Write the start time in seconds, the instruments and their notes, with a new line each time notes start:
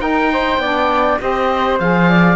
0.00 saxophone D#4, cello D#4, flute A#4, oboe G5
0.33 flute C5
0.58 cello B3, saxophone D4, flute D5
1.20 cello C4, saxophone G4, flute C5, oboe D#5
1.79 cello F3, saxophone G#4, oboe F5
2.09 flute D5